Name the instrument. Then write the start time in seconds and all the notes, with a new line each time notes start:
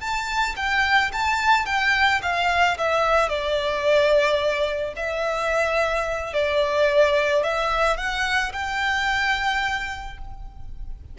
violin
0.00 A5
0.56 G5
1.12 A5
1.66 G5
2.22 F5
2.78 E5
3.29 D5
4.96 E5
6.33 D5
7.43 E5
7.97 F#5
8.52 G5